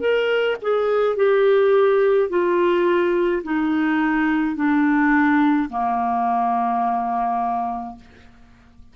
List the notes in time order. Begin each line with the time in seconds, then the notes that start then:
0.00 A#4
0.62 G#4
1.17 G4
2.30 F4
3.44 D#4
4.56 D4
5.70 A#3